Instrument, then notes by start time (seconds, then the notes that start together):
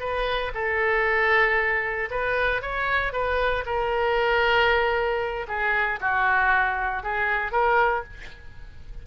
oboe
0.00 B4
0.54 A4
2.10 B4
2.62 C#5
3.12 B4
3.66 A#4
5.48 G#4
6.01 F#4
7.03 G#4
7.52 A#4